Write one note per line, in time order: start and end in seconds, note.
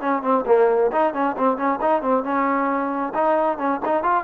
0.00 0.22 C#4
0.22 0.45 C4
0.46 0.91 A#3
0.92 1.13 D#4
1.13 1.36 C#4
1.37 1.57 C4
1.57 1.79 C#4
1.81 2.02 D#4
2.02 2.23 C4
2.23 3.13 C#4
3.14 3.58 D#4
3.58 3.80 C#4
3.85 4.03 D#4
4.03 4.24 F4